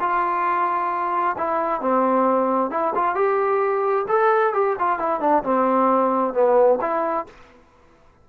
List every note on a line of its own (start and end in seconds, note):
0.00 1.36 F4
1.38 1.81 E4
1.81 2.71 C4
2.71 2.93 E4
2.95 3.15 F4
3.15 4.06 G4
4.08 4.54 A4
4.54 4.76 G4
4.79 4.99 F4
4.99 5.20 E4
5.20 5.43 D4
5.43 6.34 C4
6.34 6.79 B3
6.81 7.26 E4